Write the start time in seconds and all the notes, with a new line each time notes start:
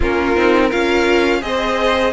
0.00 A#3 C#4 F4 A#4
0.36 C4 D#4
0.67 F4 A#4 F5
0.73 C#4
1.41 C4 G#4 C5 D#5